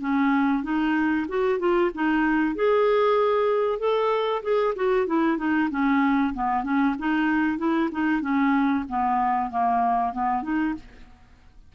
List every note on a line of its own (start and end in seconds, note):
0.00 0.63 C#4
0.63 1.26 D#4
1.28 1.59 F#4
1.59 1.91 F4
1.94 2.55 D#4
2.55 3.79 G#4
3.79 4.42 A4
4.43 4.74 G#4
4.76 5.07 F#4
5.07 5.37 E4
5.37 5.69 D#4
5.70 6.34 C#4
6.34 6.63 B3
6.63 6.95 C#4
6.98 7.58 D#4
7.58 7.89 E4
7.91 8.21 D#4
8.21 8.84 C#4
8.89 9.51 B3
9.51 10.13 A#3
10.13 10.43 B3
10.43 10.74 D#4